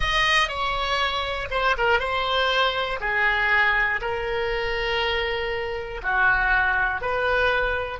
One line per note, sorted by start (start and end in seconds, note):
0.00 0.48 D#5
0.48 1.48 C#5
1.50 1.75 C5
1.77 2.00 A#4
2.00 3.00 C5
3.00 4.00 G#4
4.00 6.00 A#4
6.03 7.00 F#4
7.00 7.99 B4